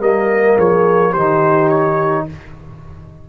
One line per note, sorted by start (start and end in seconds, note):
0.00 0.57 G3
0.00 1.16 A#3
0.00 0.58 A#4
0.00 0.59 D#5
0.58 1.15 F3
0.58 1.12 G#4
0.58 1.14 C#5
1.12 2.28 D#3
1.12 2.29 D#4
1.12 2.25 G4
1.12 1.69 C5
1.69 2.26 C#5